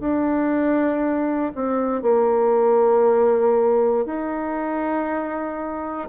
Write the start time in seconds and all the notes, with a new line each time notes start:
0.00 D4
1.55 C4
2.02 A#3
4.06 D#4